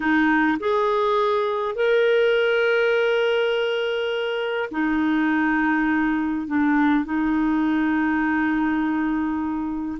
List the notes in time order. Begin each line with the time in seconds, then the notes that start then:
0.00 D#4
0.59 G#4
1.75 A#4
4.71 D#4
6.47 D4
7.04 D#4